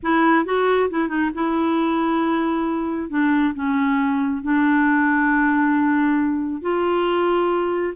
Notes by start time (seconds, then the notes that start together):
0.02 E4
0.45 F#4
0.90 E4
1.08 D#4
1.34 E4
3.09 D4
3.54 C#4
4.42 D4
6.61 F4